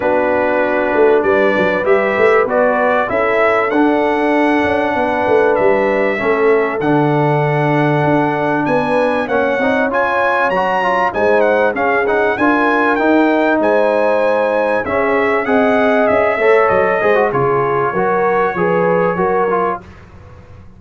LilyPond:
<<
  \new Staff \with { instrumentName = "trumpet" } { \time 4/4 \tempo 4 = 97 b'2 d''4 e''4 | d''4 e''4 fis''2~ | fis''4 e''2 fis''4~ | fis''2 gis''4 fis''4 |
gis''4 ais''4 gis''8 fis''8 f''8 fis''8 | gis''4 g''4 gis''2 | e''4 fis''4 e''4 dis''4 | cis''1 | }
  \new Staff \with { instrumentName = "horn" } { \time 4/4 fis'2 b'2~ | b'4 a'2. | b'2 a'2~ | a'2 b'4 cis''4~ |
cis''2 c''4 gis'4 | ais'2 c''2 | gis'4 dis''4. cis''4 c''8 | gis'4 ais'4 b'4 ais'4 | }
  \new Staff \with { instrumentName = "trombone" } { \time 4/4 d'2. g'4 | fis'4 e'4 d'2~ | d'2 cis'4 d'4~ | d'2. cis'8 dis'8 |
f'4 fis'8 f'8 dis'4 cis'8 dis'8 | f'4 dis'2. | cis'4 gis'4. a'4 gis'16 fis'16 | f'4 fis'4 gis'4 fis'8 f'8 | }
  \new Staff \with { instrumentName = "tuba" } { \time 4/4 b4. a8 g8 fis8 g8 a8 | b4 cis'4 d'4. cis'8 | b8 a8 g4 a4 d4~ | d4 d'4 b4 ais8 c'8 |
cis'4 fis4 gis4 cis'4 | d'4 dis'4 gis2 | cis'4 c'4 cis'8 a8 fis8 gis8 | cis4 fis4 f4 fis4 | }
>>